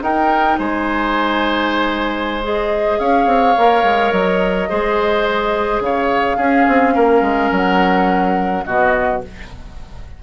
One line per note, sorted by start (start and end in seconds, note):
0.00 2.41 D#4
0.00 0.57 D#4
0.00 0.58 A#4
0.00 0.59 G5
0.58 2.99 G#3
0.58 2.99 C5
0.58 2.43 G#5
2.43 3.56 G#4
2.43 2.99 D#5
2.99 3.26 C#4
2.99 4.69 C#5
2.99 4.12 F5
3.26 3.55 C4
3.57 3.83 A#3
3.57 4.69 A#4
3.83 4.11 G#3
4.12 4.69 F#3
4.12 5.82 D#5
4.69 5.80 G#3
4.69 6.39 G#4
4.69 5.82 C5
5.80 6.37 C#3
5.80 6.37 C#5
5.80 7.53 F5
6.37 6.66 C#4
6.37 8.66 C#4
6.37 6.94 G#4
6.68 6.96 C4
6.95 7.21 A#3
6.95 8.65 A#4
7.21 7.49 G#3
7.51 8.65 F#3
7.51 8.64 F#5
8.64 9.23 B2
8.64 9.23 B3
8.64 9.22 F#4
8.64 9.21 D#5